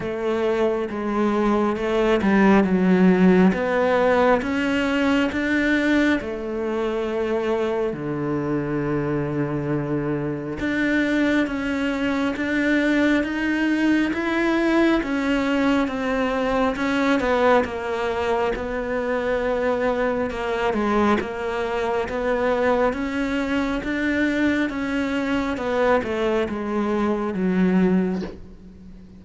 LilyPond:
\new Staff \with { instrumentName = "cello" } { \time 4/4 \tempo 4 = 68 a4 gis4 a8 g8 fis4 | b4 cis'4 d'4 a4~ | a4 d2. | d'4 cis'4 d'4 dis'4 |
e'4 cis'4 c'4 cis'8 b8 | ais4 b2 ais8 gis8 | ais4 b4 cis'4 d'4 | cis'4 b8 a8 gis4 fis4 | }